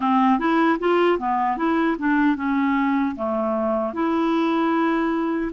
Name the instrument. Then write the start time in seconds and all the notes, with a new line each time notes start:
clarinet
0.00 C4
0.39 E4
0.79 F4
1.18 B3
1.57 E4
1.98 D4
2.36 C#4
3.15 A3
3.93 E4